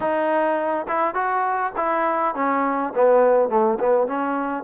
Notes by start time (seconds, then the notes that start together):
0.00 D#4
0.87 E4
1.14 F#4
1.76 E4
2.35 C#4
2.95 B3
3.49 A3
3.79 B3
4.07 C#4